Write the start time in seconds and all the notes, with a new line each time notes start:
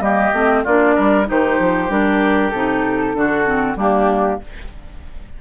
0.00 G3 A#3 G4 D#5
0.33 A3 C4
0.64 A#3 D4 F4 D5
0.95 G3 A#4
1.26 D#3 D#4 G4 C5
1.60 F3
1.89 G3 D4 A#4
2.50 C3 D#4 A4
3.14 D3 D4 F#4
3.46 C4
3.76 G3 A#3 D4 G4